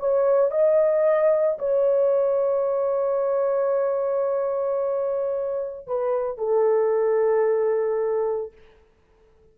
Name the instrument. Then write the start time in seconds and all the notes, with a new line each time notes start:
horn
0.00 C#5
0.52 D#5
1.59 C#5
5.88 B4
6.38 A4